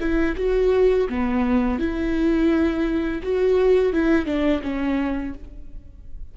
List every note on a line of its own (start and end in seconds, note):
0.00 0.36 E4
0.37 1.08 F#4
1.10 1.79 B3
1.79 3.22 E4
3.23 3.93 F#4
3.93 4.26 E4
4.26 4.62 D4
4.63 5.34 C#4